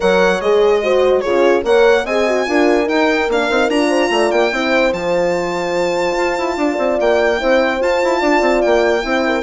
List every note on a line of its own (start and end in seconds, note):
0.00 0.41 F#3
0.00 0.41 A#4
0.00 0.82 C#5
0.00 0.40 F#5
0.40 1.23 G#3
0.40 0.83 G#4
0.40 1.20 D#5
0.83 1.24 F#4
0.83 1.22 C5
1.20 1.64 C#3
1.20 1.63 F4
1.20 1.64 G#4
1.20 1.61 C#5
1.63 2.05 A#3
1.63 2.04 A#4
1.63 2.04 C#5
1.63 2.06 F#5
2.04 2.46 C4
2.04 2.28 G#4
2.04 2.45 D#5
2.04 2.88 G#5
2.28 2.46 F#4
2.46 2.89 D4
2.46 2.84 F4
2.46 3.88 A#4
2.84 3.25 D#4
2.84 3.28 D#4
2.84 3.29 G5
3.28 3.48 A#3
3.28 3.50 D4
3.28 3.69 F5
3.50 3.69 C4
3.50 3.69 D#4
3.69 4.10 D4
3.69 4.51 F4
3.69 4.31 A#5
3.88 4.08 C5
4.10 4.30 A3
4.10 4.52 D5
4.31 4.52 A#3
4.31 4.92 G5
4.51 4.92 C4
4.51 4.92 E4
4.51 6.58 C5
4.92 6.16 F3
4.92 7.37 F4
4.92 6.98 A5
6.17 6.37 F4
6.38 6.56 E4
6.56 6.77 D4
6.56 7.39 D5
6.78 6.98 C4
7.00 7.41 A#3
7.00 7.82 G5
7.37 7.81 C4
7.37 7.79 E4
7.37 8.19 C5
7.79 9.01 F4
7.79 8.01 F4
7.79 8.61 A5
8.03 8.21 E4
8.19 8.41 D4
8.19 9.01 D5
8.41 8.61 C4
8.61 9.03 A#3
8.61 9.43 G5
9.01 9.43 C4
9.01 9.42 E4
9.01 9.25 C5
9.25 9.43 A#4